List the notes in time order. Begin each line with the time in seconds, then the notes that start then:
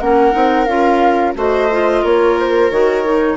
0.00 A#3 C#4 A#4 F#5
0.32 C4 D#4
0.66 C#4 F4 F5
1.35 A3 F#4 C5 D#5
1.72 F4
2.02 A#3 A#4 C#5
2.40 C5
2.70 D#3 F#4 C#5
3.04 D#4